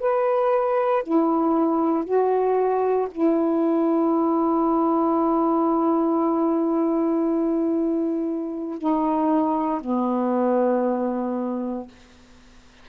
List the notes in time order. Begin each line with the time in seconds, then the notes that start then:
0.00 B4
1.03 E4
2.05 F#4
3.11 E4
8.78 D#4
9.81 B3